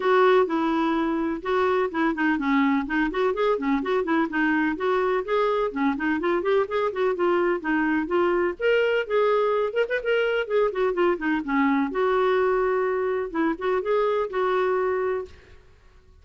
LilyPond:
\new Staff \with { instrumentName = "clarinet" } { \time 4/4 \tempo 4 = 126 fis'4 e'2 fis'4 | e'8 dis'8 cis'4 dis'8 fis'8 gis'8 cis'8 | fis'8 e'8 dis'4 fis'4 gis'4 | cis'8 dis'8 f'8 g'8 gis'8 fis'8 f'4 |
dis'4 f'4 ais'4 gis'4~ | gis'8 ais'16 b'16 ais'4 gis'8 fis'8 f'8 dis'8 | cis'4 fis'2. | e'8 fis'8 gis'4 fis'2 | }